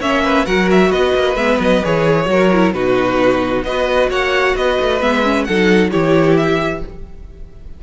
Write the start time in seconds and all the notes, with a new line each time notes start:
0.00 A#3 C#4 C#5 E5
0.23 B4
0.45 F#3 F#4 A#4 F#5
0.71 E5
0.89 B3 B4 D#5
1.14 A#3
1.35 G#3 B3 E5
1.59 F#3 D#5
1.84 E3 G#4 C#5
2.25 F#3 F#4 A#4
2.52 E4
2.72 B2 D#4 F#4 B4
3.63 B3 F#4 B4 D#5
4.09 A#3 C#5 F#5
4.55 B3 B4 D#5
4.80 A3
5.01 G#3 B3 E5
5.24 C#4
5.44 F#3 A4 F#5
5.50 D#4
5.91 E3 E4 G4 C#5
6.37 E5